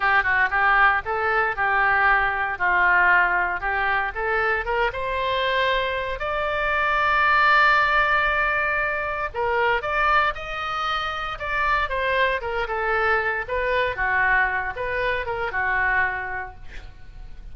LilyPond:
\new Staff \with { instrumentName = "oboe" } { \time 4/4 \tempo 4 = 116 g'8 fis'8 g'4 a'4 g'4~ | g'4 f'2 g'4 | a'4 ais'8 c''2~ c''8 | d''1~ |
d''2 ais'4 d''4 | dis''2 d''4 c''4 | ais'8 a'4. b'4 fis'4~ | fis'8 b'4 ais'8 fis'2 | }